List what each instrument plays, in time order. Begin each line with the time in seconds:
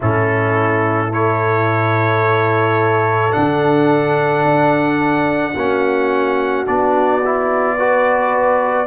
0.00 tuba A2, trombone C#4, horn E4, trumpet A4
1.08 trombone E4, horn A4, trumpet C#5
3.31 tuba D3, trombone D4, trumpet F#5
4.44 tuba D4
5.54 tuba A#3, trombone C#4, horn F#4
6.66 tuba B3, trombone D4, trumpet D5
7.24 trombone E4
7.77 trombone F#4, horn B4